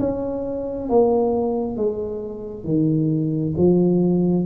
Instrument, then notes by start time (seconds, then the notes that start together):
tuba
0.00 C#4
0.90 A#3
1.77 G#3
2.65 D#3
3.57 F3